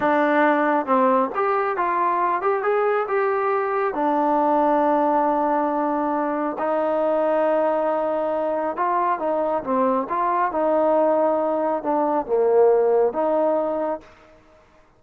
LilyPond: \new Staff \with { instrumentName = "trombone" } { \time 4/4 \tempo 4 = 137 d'2 c'4 g'4 | f'4. g'8 gis'4 g'4~ | g'4 d'2.~ | d'2. dis'4~ |
dis'1 | f'4 dis'4 c'4 f'4 | dis'2. d'4 | ais2 dis'2 | }